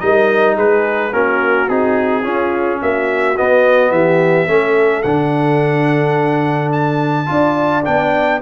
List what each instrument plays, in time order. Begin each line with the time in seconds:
0.00 tuba G3, trombone D#4, horn A#4, trumpet D#5
0.55 tuba G#3, horn G#4, trumpet B4
1.13 tuba A#3, trombone C#4, horn F#4, trumpet A#4
1.69 tuba C4, trombone D#4, trumpet G#4
2.23 trombone C#4, tuba C#4, horn F4
2.82 tuba A#3, horn F#4, trumpet E5
3.38 trombone B3, tuba B3, trumpet D#5
3.91 tuba E3, horn G4, trumpet E5
4.48 tuba A3, trombone C#4, horn A4
5.03 tuba D3, trombone D4, trumpet F#5
6.72 trumpet A5
7.27 tuba D4, trombone F4, horn D5
7.85 tuba B3, trombone D4, trumpet G5